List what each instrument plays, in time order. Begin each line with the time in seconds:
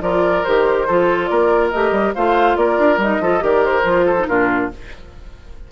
0.00 bassoon F3, clarinet F4, oboe A#4, flute D5
0.44 bassoon D#3, clarinet G4, flute C5
0.87 bassoon F3, clarinet F4, oboe A4
1.25 bassoon A#3, oboe A#4, flute D5
1.70 bassoon A3, clarinet G4, flute D#5
1.91 bassoon G3
2.14 bassoon A3, clarinet F4, oboe C5, flute F5
2.56 bassoon A#3, oboe A#4, flute D5
2.78 bassoon D4
2.97 bassoon G3, clarinet D#4, flute D#5
3.20 bassoon F3, clarinet F4, oboe A4
3.40 bassoon D#3, clarinet G4, oboe A#4, flute D5
3.64 flute C5
3.83 bassoon F3, clarinet F4
4.05 oboe A4
4.18 clarinet D#4
4.26 bassoon A#2, clarinet D4, oboe F4, flute A#4